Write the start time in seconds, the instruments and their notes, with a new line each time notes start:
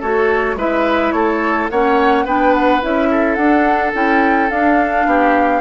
0.00 bassoon A3, clarinet F#4, oboe A4, flute C#5
0.56 bassoon G#3, clarinet E4, oboe B4, flute E5
1.12 bassoon A3, oboe A4, flute C#5
1.71 bassoon A#3, clarinet C#4, oboe C#5, flute F#5
2.25 bassoon B3, clarinet D4, oboe B4, flute G5
2.55 flute F#5
2.82 bassoon C#4, clarinet E4, flute E5
3.11 oboe A4
3.35 bassoon D4, clarinet D4, flute F#5
3.93 bassoon C#4, clarinet E4, flute G5
4.50 bassoon D4, clarinet D4, flute F5
5.07 bassoon B3, oboe G4